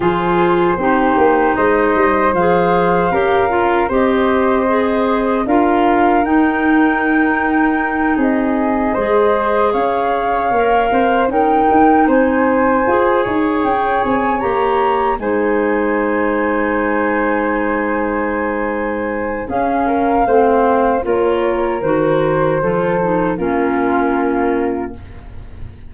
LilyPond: <<
  \new Staff \with { instrumentName = "flute" } { \time 4/4 \tempo 4 = 77 c''2 dis''4 f''4~ | f''4 dis''2 f''4 | g''2~ g''8 dis''4.~ | dis''8 f''2 g''4 gis''8~ |
gis''4. g''8 gis''8 ais''4 gis''8~ | gis''1~ | gis''4 f''2 cis''4 | c''2 ais'2 | }
  \new Staff \with { instrumentName = "flute" } { \time 4/4 gis'4 g'4 c''2 | ais'4 c''2 ais'4~ | ais'2~ ais'8 gis'4 c''8~ | c''8 cis''4. c''8 ais'4 c''8~ |
c''4 cis''2~ cis''8 c''8~ | c''1~ | c''4 gis'8 ais'8 c''4 ais'4~ | ais'4 a'4 f'2 | }
  \new Staff \with { instrumentName = "clarinet" } { \time 4/4 f'4 dis'2 gis'4 | g'8 f'8 g'4 gis'4 f'4 | dis'2.~ dis'8 gis'8~ | gis'4. ais'4 dis'4.~ |
dis'8 gis'2 g'4 dis'8~ | dis'1~ | dis'4 cis'4 c'4 f'4 | fis'4 f'8 dis'8 cis'2 | }
  \new Staff \with { instrumentName = "tuba" } { \time 4/4 f4 c'8 ais8 gis8 g8 f4 | cis'4 c'2 d'4 | dis'2~ dis'8 c'4 gis8~ | gis8 cis'4 ais8 c'8 cis'8 dis'8 c'8~ |
c'8 f'8 dis'8 cis'8 c'8 ais4 gis8~ | gis1~ | gis4 cis'4 a4 ais4 | dis4 f4 ais2 | }
>>